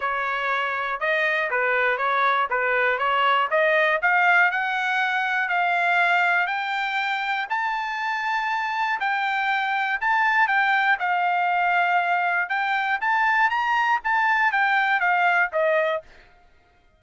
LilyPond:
\new Staff \with { instrumentName = "trumpet" } { \time 4/4 \tempo 4 = 120 cis''2 dis''4 b'4 | cis''4 b'4 cis''4 dis''4 | f''4 fis''2 f''4~ | f''4 g''2 a''4~ |
a''2 g''2 | a''4 g''4 f''2~ | f''4 g''4 a''4 ais''4 | a''4 g''4 f''4 dis''4 | }